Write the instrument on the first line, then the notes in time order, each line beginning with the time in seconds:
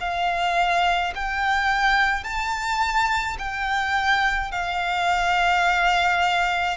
violin
0.00 F5
1.15 G5
2.24 A5
3.39 G5
4.51 F5